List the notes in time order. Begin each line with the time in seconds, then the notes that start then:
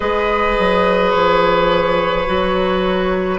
0.00 G#3 G#4 B4 D#5
0.58 F#3
1.10 F3 C#5
2.26 F#3 F#4